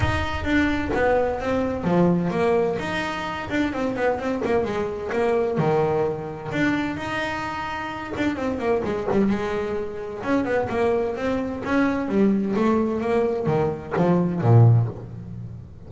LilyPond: \new Staff \with { instrumentName = "double bass" } { \time 4/4 \tempo 4 = 129 dis'4 d'4 b4 c'4 | f4 ais4 dis'4. d'8 | c'8 b8 c'8 ais8 gis4 ais4 | dis2 d'4 dis'4~ |
dis'4. d'8 c'8 ais8 gis8 g8 | gis2 cis'8 b8 ais4 | c'4 cis'4 g4 a4 | ais4 dis4 f4 ais,4 | }